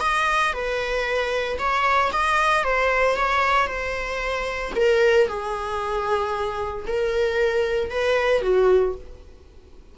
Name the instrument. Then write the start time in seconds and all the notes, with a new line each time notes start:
viola
0.00 D#5
0.53 B4
1.59 C#5
2.12 D#5
2.64 C5
3.16 C#5
3.67 C5
4.75 A#4
5.28 G#4
6.87 A#4
7.90 B4
8.42 F#4